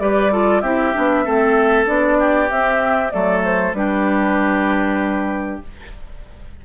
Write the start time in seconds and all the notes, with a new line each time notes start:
0.00 G3 G4 B4 D5
0.32 F4 A4
0.61 C4 E4 G4 E5
0.93 B3 D4
1.25 A3 C4 A4
1.86 B3 D4 D5
2.19 G4
2.50 C4 E5
3.11 F#3 A3 A4 D5
3.45 C5
3.73 G3 D4 G4 B4